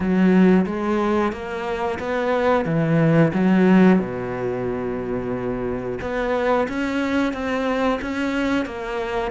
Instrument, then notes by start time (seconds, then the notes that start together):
cello
0.00 F#3
0.65 G#3
1.32 A#3
1.98 B3
2.65 E3
3.33 F#3
3.98 B2
6.01 B3
6.68 C#4
7.33 C4
8.01 C#4
8.65 A#3